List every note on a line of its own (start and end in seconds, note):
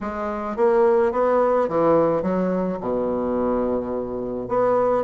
0.00 0.56 G#3
0.56 1.12 A#3
1.12 1.68 B3
1.68 2.22 E3
2.22 2.78 F#3
2.80 4.48 B2
4.48 5.04 B3